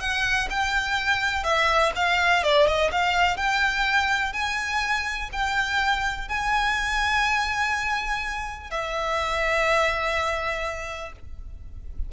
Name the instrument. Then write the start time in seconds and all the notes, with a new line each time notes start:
violin
0.00 F#5
0.50 G5
1.44 E5
1.96 F5
2.43 D5
2.67 D#5
2.92 F5
3.37 G5
4.33 G#5
5.32 G5
6.28 G#5
8.70 E5